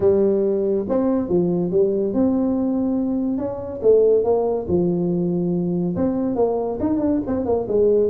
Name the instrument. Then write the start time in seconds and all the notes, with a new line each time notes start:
tuba
0.00 G3
0.88 C4
1.28 F3
1.71 G3
2.13 C4
3.38 C#4
3.82 A3
4.23 A#3
4.68 F3
5.96 C4
6.35 A#3
6.79 D#4
6.99 D4
7.26 C4
7.45 A#3
7.68 G#3